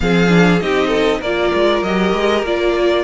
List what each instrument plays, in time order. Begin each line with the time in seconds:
0.00 cello F3, viola C4, violin G#4 F5
0.28 viola D4
0.59 cello C4, viola D#4, violin G4 D#5
0.87 violin A4
1.20 cello A#3, viola F4, violin A#4 D5
1.53 cello G#3
1.82 cello F#3, viola G4, violin D#5
2.12 cello G#3
2.42 cello A#3, viola F4, violin D5